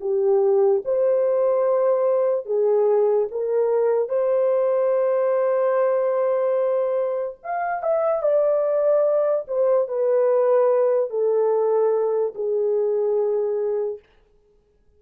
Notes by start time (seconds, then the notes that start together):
0.00 G4
0.84 C5
2.45 G#4
3.31 A#4
4.09 C5
7.43 F5
7.83 E5
8.22 D5
9.47 C5
9.88 B4
11.10 A4
12.35 G#4